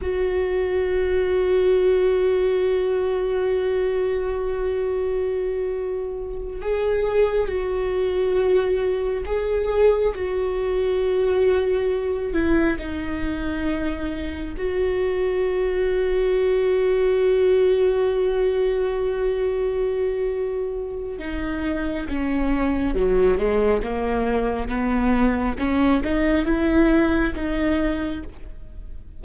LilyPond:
\new Staff \with { instrumentName = "viola" } { \time 4/4 \tempo 4 = 68 fis'1~ | fis'2.~ fis'8 gis'8~ | gis'8 fis'2 gis'4 fis'8~ | fis'2 e'8 dis'4.~ |
dis'8 fis'2.~ fis'8~ | fis'1 | dis'4 cis'4 fis8 gis8 ais4 | b4 cis'8 dis'8 e'4 dis'4 | }